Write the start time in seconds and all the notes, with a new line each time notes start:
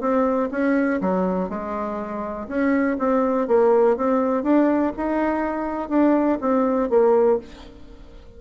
0.00 C4
0.51 C#4
1.01 F#3
1.49 G#3
2.48 C#4
2.99 C4
3.47 A#3
3.97 C4
4.43 D4
4.96 D#4
5.89 D4
6.41 C4
6.89 A#3